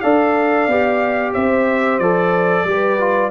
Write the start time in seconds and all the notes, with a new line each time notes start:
0.00 D4 A4 D5 F5
0.67 B3 G4
1.32 C4 C5 E5
1.98 F3 A4 D5
2.64 G3 G4
2.70 B4
2.99 F4